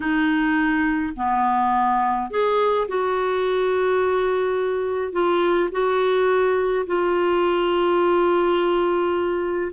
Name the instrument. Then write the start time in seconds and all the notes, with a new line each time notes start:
clarinet
0.00 D#4
1.16 B3
2.30 G#4
2.88 F#4
5.12 F4
5.71 F#4
6.86 F4